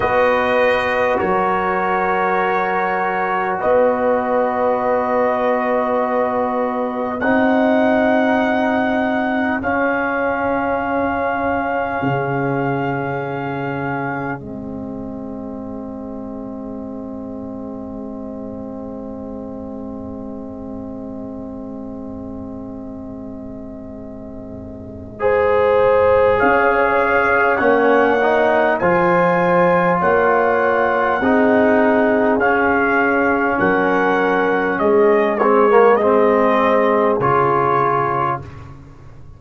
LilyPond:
<<
  \new Staff \with { instrumentName = "trumpet" } { \time 4/4 \tempo 4 = 50 dis''4 cis''2 dis''4~ | dis''2 fis''2 | f''1 | dis''1~ |
dis''1~ | dis''2 f''4 fis''4 | gis''4 fis''2 f''4 | fis''4 dis''8 cis''8 dis''4 cis''4 | }
  \new Staff \with { instrumentName = "horn" } { \time 4/4 b'4 ais'2 b'4~ | b'2 gis'2~ | gis'1~ | gis'1~ |
gis'1~ | gis'4 c''4 cis''2 | c''4 cis''4 gis'2 | ais'4 gis'2. | }
  \new Staff \with { instrumentName = "trombone" } { \time 4/4 fis'1~ | fis'2 dis'2 | cis'1 | c'1~ |
c'1~ | c'4 gis'2 cis'8 dis'8 | f'2 dis'4 cis'4~ | cis'4. c'16 ais16 c'4 f'4 | }
  \new Staff \with { instrumentName = "tuba" } { \time 4/4 b4 fis2 b4~ | b2 c'2 | cis'2 cis2 | gis1~ |
gis1~ | gis2 cis'4 ais4 | f4 ais4 c'4 cis'4 | fis4 gis2 cis4 | }
>>